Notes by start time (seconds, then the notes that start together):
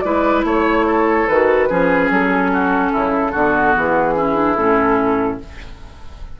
0.00 G#3 E4 B4 D5
0.44 A3 C#5
0.86 A4
1.27 D#3 F#4 B4
1.68 F3 C#4 G#4
2.10 F#3 A4
2.52 F#4
2.92 C#3 E4
3.31 D3 B3 F#4
3.76 E3 G#4
4.16 C#4 E4
4.35 D4
4.55 A2 C#4 A4